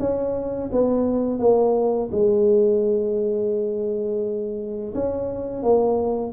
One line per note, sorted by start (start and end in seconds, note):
0.00 0.71 C#4
0.72 1.40 B3
1.40 2.10 A#3
2.12 4.94 G#3
4.95 5.63 C#4
5.63 6.33 A#3